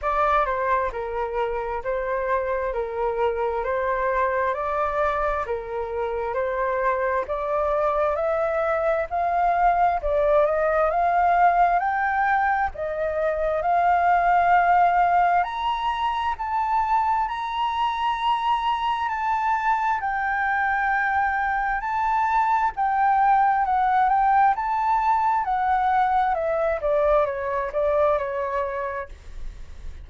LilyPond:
\new Staff \with { instrumentName = "flute" } { \time 4/4 \tempo 4 = 66 d''8 c''8 ais'4 c''4 ais'4 | c''4 d''4 ais'4 c''4 | d''4 e''4 f''4 d''8 dis''8 | f''4 g''4 dis''4 f''4~ |
f''4 ais''4 a''4 ais''4~ | ais''4 a''4 g''2 | a''4 g''4 fis''8 g''8 a''4 | fis''4 e''8 d''8 cis''8 d''8 cis''4 | }